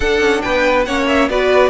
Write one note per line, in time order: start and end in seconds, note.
0.00 0.20 D4
0.00 0.86 D4
0.00 0.42 A4
0.00 0.41 F#5
0.20 0.41 C#4
0.41 0.86 B3
0.41 0.86 B4
0.41 0.84 G5
0.84 1.29 A#3
0.84 1.30 C#4
0.84 1.29 C#5
0.84 1.06 F#5
1.07 1.29 E5
1.29 1.69 B3
1.29 1.69 F#4
1.29 1.69 B4
1.29 1.69 D5